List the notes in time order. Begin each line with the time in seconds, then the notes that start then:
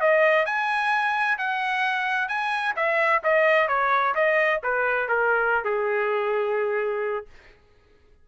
0.00 D#5
0.45 G#5
1.37 F#5
2.28 G#5
2.76 E5
3.23 D#5
3.68 C#5
4.14 D#5
4.63 B4
5.08 A#4
5.64 G#4